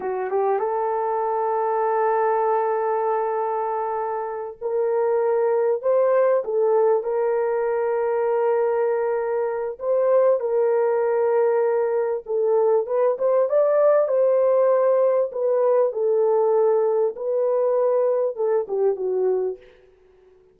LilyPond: \new Staff \with { instrumentName = "horn" } { \time 4/4 \tempo 4 = 98 fis'8 g'8 a'2.~ | a'2.~ a'8 ais'8~ | ais'4. c''4 a'4 ais'8~ | ais'1 |
c''4 ais'2. | a'4 b'8 c''8 d''4 c''4~ | c''4 b'4 a'2 | b'2 a'8 g'8 fis'4 | }